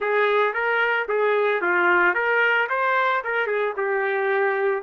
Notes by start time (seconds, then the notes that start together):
0.00 G#4
0.53 A#4
1.08 G#4
1.61 F4
2.14 A#4
2.69 C5
3.23 A#4
3.46 G#4
3.76 G4